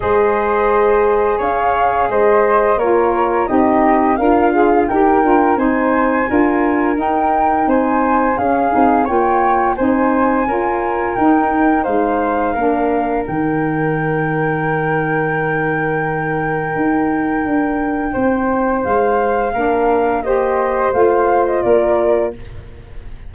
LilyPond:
<<
  \new Staff \with { instrumentName = "flute" } { \time 4/4 \tempo 4 = 86 dis''2 f''4 dis''4 | cis''4 dis''4 f''4 g''4 | gis''2 g''4 gis''4 | f''4 g''4 gis''2 |
g''4 f''2 g''4~ | g''1~ | g''2. f''4~ | f''4 dis''4 f''8. dis''16 d''4 | }
  \new Staff \with { instrumentName = "flute" } { \time 4/4 c''2 cis''4 c''4 | ais'4 g'4 f'4 ais'4 | c''4 ais'2 c''4 | gis'4 cis''4 c''4 ais'4~ |
ais'4 c''4 ais'2~ | ais'1~ | ais'2 c''2 | ais'4 c''2 ais'4 | }
  \new Staff \with { instrumentName = "saxophone" } { \time 4/4 gis'1 | f'4 dis'4 ais'8 gis'8 g'8 f'8 | dis'4 f'4 dis'2 | cis'8 dis'8 f'4 dis'4 f'4 |
dis'2 d'4 dis'4~ | dis'1~ | dis'1 | d'4 g'4 f'2 | }
  \new Staff \with { instrumentName = "tuba" } { \time 4/4 gis2 cis'4 gis4 | ais4 c'4 d'4 dis'8 d'8 | c'4 d'4 dis'4 c'4 | cis'8 c'8 ais4 c'4 cis'4 |
dis'4 gis4 ais4 dis4~ | dis1 | dis'4 d'4 c'4 gis4 | ais2 a4 ais4 | }
>>